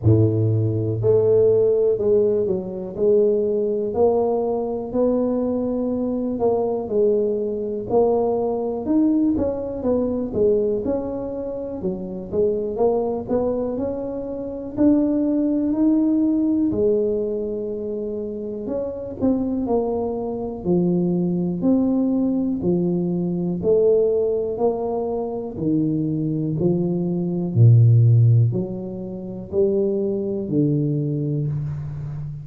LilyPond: \new Staff \with { instrumentName = "tuba" } { \time 4/4 \tempo 4 = 61 a,4 a4 gis8 fis8 gis4 | ais4 b4. ais8 gis4 | ais4 dis'8 cis'8 b8 gis8 cis'4 | fis8 gis8 ais8 b8 cis'4 d'4 |
dis'4 gis2 cis'8 c'8 | ais4 f4 c'4 f4 | a4 ais4 dis4 f4 | ais,4 fis4 g4 d4 | }